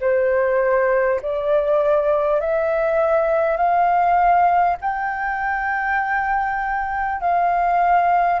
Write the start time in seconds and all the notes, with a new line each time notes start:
0.00 C5
1.22 D5
2.40 E5
3.57 F5
4.81 G5
7.20 F5